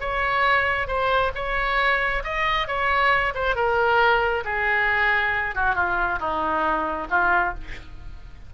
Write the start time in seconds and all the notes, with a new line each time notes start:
0.00 C#5
0.87 C5
1.35 C#5
2.24 D#5
2.67 C#5
3.34 C5
3.55 A#4
4.44 G#4
5.54 F#4
5.75 F4
6.19 D#4
7.10 F4